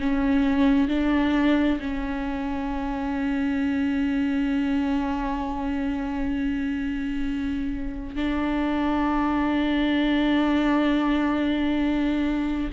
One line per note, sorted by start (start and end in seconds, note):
0.00 0.88 C#4
0.88 1.79 D4
1.81 8.16 C#4
8.16 12.70 D4